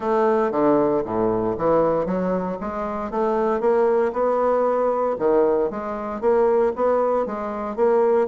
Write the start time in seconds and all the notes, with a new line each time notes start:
0.00 A3
0.51 D3
1.04 A2
1.57 E3
2.05 F#3
2.60 G#3
3.10 A3
3.60 A#3
4.12 B3
5.19 D#3
5.70 G#3
6.20 A#3
6.75 B3
7.26 G#3
7.75 A#3